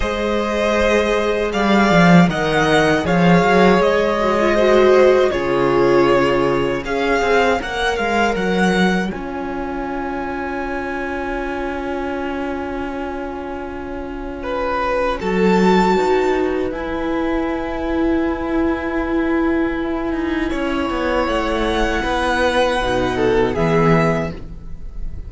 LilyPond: <<
  \new Staff \with { instrumentName = "violin" } { \time 4/4 \tempo 4 = 79 dis''2 f''4 fis''4 | f''4 dis''2 cis''4~ | cis''4 f''4 fis''8 f''8 fis''4 | gis''1~ |
gis''1 | a''2 gis''2~ | gis''1 | fis''2. e''4 | }
  \new Staff \with { instrumentName = "violin" } { \time 4/4 c''2 d''4 dis''4 | cis''2 c''4 gis'4~ | gis'4 cis''2.~ | cis''1~ |
cis''2. b'4 | a'4 b'2.~ | b'2. cis''4~ | cis''4 b'4. a'8 gis'4 | }
  \new Staff \with { instrumentName = "viola" } { \time 4/4 gis'2. ais'4 | gis'4. fis'16 f'16 fis'4 f'4~ | f'4 gis'4 ais'2 | f'1~ |
f'1 | fis'2 e'2~ | e'1~ | e'2 dis'4 b4 | }
  \new Staff \with { instrumentName = "cello" } { \time 4/4 gis2 g8 f8 dis4 | f8 fis8 gis2 cis4~ | cis4 cis'8 c'8 ais8 gis8 fis4 | cis'1~ |
cis'1 | fis4 dis'4 e'2~ | e'2~ e'8 dis'8 cis'8 b8 | a4 b4 b,4 e4 | }
>>